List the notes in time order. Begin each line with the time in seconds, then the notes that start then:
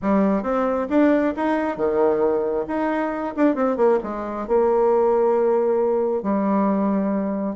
0.02 G3
0.43 C4
0.89 D4
1.36 D#4
1.76 D#3
2.67 D#4
3.36 D4
3.55 C4
3.76 A#3
4.03 G#3
4.47 A#3
6.22 G3